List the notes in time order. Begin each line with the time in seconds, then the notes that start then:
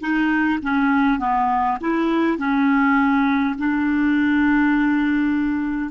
0.00 D#4
0.62 C#4
1.19 B3
1.80 E4
2.37 C#4
3.58 D4